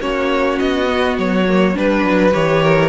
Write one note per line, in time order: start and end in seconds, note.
0.00 0.58 A#3
0.00 0.86 C#4
0.00 1.76 F#4
0.00 0.58 C#5
0.58 1.17 B3
0.58 1.17 D#5
0.86 1.44 B3
1.17 1.75 F#3
1.17 1.77 C#5
1.48 1.74 A#3
1.74 2.03 G3
1.74 2.31 D4
1.74 2.33 B4
1.74 2.62 B4
2.03 2.32 F#3
2.31 2.89 E3
2.31 2.89 G4
2.31 2.89 C#5
2.62 2.89 A#4